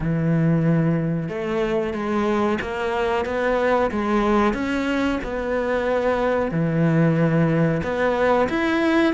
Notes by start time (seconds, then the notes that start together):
0.00 E3
1.28 A3
1.93 G#3
2.61 A#3
3.25 B3
3.91 G#3
4.53 C#4
5.23 B3
6.51 E3
7.83 B3
8.49 E4